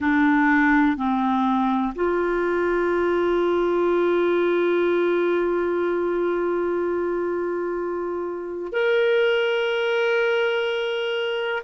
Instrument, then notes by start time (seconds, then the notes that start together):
clarinet
0.00 D4
0.97 C4
1.95 F4
8.72 A#4